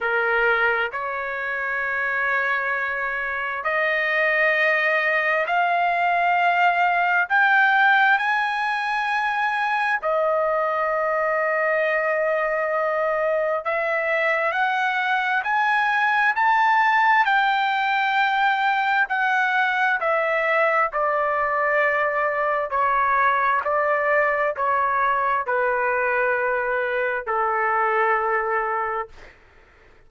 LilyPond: \new Staff \with { instrumentName = "trumpet" } { \time 4/4 \tempo 4 = 66 ais'4 cis''2. | dis''2 f''2 | g''4 gis''2 dis''4~ | dis''2. e''4 |
fis''4 gis''4 a''4 g''4~ | g''4 fis''4 e''4 d''4~ | d''4 cis''4 d''4 cis''4 | b'2 a'2 | }